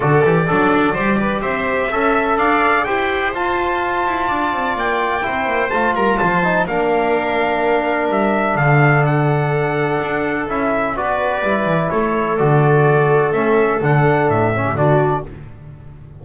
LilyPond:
<<
  \new Staff \with { instrumentName = "trumpet" } { \time 4/4 \tempo 4 = 126 d''2. e''4~ | e''4 f''4 g''4 a''4~ | a''2 g''2 | a''8 ais''8 a''4 f''2~ |
f''4 e''4 f''4 fis''4~ | fis''2 e''4 d''4~ | d''4 cis''4 d''2 | e''4 fis''4 e''4 d''4 | }
  \new Staff \with { instrumentName = "viola" } { \time 4/4 a'4 d'4 c''8 b'8 c''4 | e''4 d''4 c''2~ | c''4 d''2 c''4~ | c''8 ais'8 c''4 ais'2~ |
ais'2 a'2~ | a'2. b'4~ | b'4 a'2.~ | a'2~ a'8. g'16 fis'4 | }
  \new Staff \with { instrumentName = "trombone" } { \time 4/4 fis'8 g'8 a'4 g'2 | a'2 g'4 f'4~ | f'2. e'4 | f'4. dis'8 d'2~ |
d'1~ | d'2 e'4 fis'4 | e'2 fis'2 | cis'4 d'4. cis'8 d'4 | }
  \new Staff \with { instrumentName = "double bass" } { \time 4/4 d8 e8 fis4 g4 c'4 | cis'4 d'4 e'4 f'4~ | f'8 e'8 d'8 c'8 ais4 c'8 ais8 | a8 g8 f4 ais2~ |
ais4 g4 d2~ | d4 d'4 cis'4 b4 | g8 e8 a4 d2 | a4 d4 a,4 d4 | }
>>